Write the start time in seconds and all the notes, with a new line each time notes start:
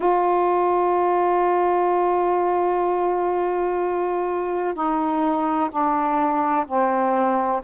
0.00 F4
4.74 D#4
5.70 D4
6.66 C4